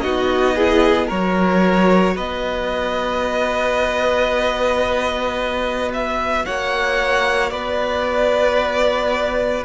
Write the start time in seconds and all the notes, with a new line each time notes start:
0.00 B3 D#4 F#4 D#5
0.54 E4 G#4
1.07 F#3 F#4 A#4 C#5
2.14 B3 B4 D#5
5.93 E5
6.45 A#3 C#5 F#5
7.49 B3 B4 D5